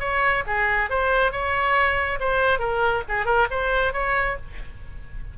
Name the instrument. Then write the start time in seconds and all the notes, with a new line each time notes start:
oboe
0.00 C#5
0.47 G#4
0.90 C5
1.32 C#5
2.20 C5
2.59 A#4
3.08 G#4
3.25 A#4
3.51 C5
3.93 C#5